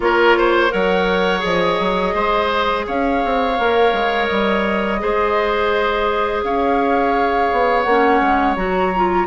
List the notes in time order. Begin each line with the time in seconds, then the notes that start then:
0.00 A#3 F4 A#4 C#5
0.37 C5
0.69 F#3 A#4 C#5 F#5
1.39 F3 G#4 D#5
1.79 F#3
2.14 G#3 C5
2.86 C#4 C#5 F5
3.24 C4
3.58 A#3 A#4
3.92 G#3
4.27 G3 D#5
4.99 G#3 G#4 C5
6.43 C#4 C#5 F5
7.51 B3
7.82 A#3 F#5
7.89 C#4
8.21 G#3
8.56 F#3 F#4 A#5
8.96 F4